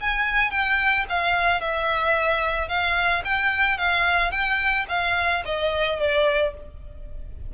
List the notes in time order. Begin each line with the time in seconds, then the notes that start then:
0.00 G#5
0.51 G5
1.09 F5
1.60 E5
2.68 F5
3.24 G5
3.77 F5
4.31 G5
4.89 F5
5.45 D#5
5.99 D5